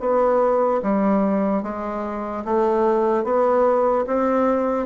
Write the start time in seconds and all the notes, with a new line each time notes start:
0.00 B3
0.83 G3
1.63 G#3
2.45 A3
3.24 B3
4.07 C4